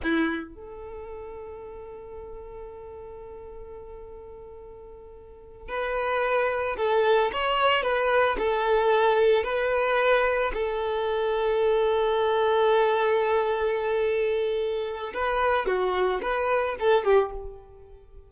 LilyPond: \new Staff \with { instrumentName = "violin" } { \time 4/4 \tempo 4 = 111 e'4 a'2.~ | a'1~ | a'2~ a'8 b'4.~ | b'8 a'4 cis''4 b'4 a'8~ |
a'4. b'2 a'8~ | a'1~ | a'1 | b'4 fis'4 b'4 a'8 g'8 | }